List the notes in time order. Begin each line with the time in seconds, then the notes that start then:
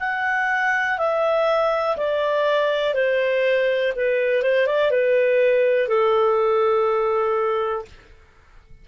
0.00 F#5
0.99 E5
1.98 D5
2.95 C5
3.96 B4
4.43 C5
4.67 D5
4.91 B4
5.88 A4